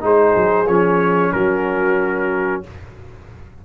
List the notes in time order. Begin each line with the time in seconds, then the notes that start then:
0.00 G#3 D#4 G#4 C5
0.35 F#3
0.67 F3 C#4 C#5
1.32 F#3 F#4 A#4